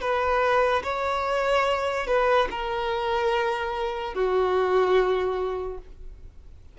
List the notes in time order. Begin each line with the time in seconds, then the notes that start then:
0.00 B4
0.83 C#5
2.07 B4
2.50 A#4
4.14 F#4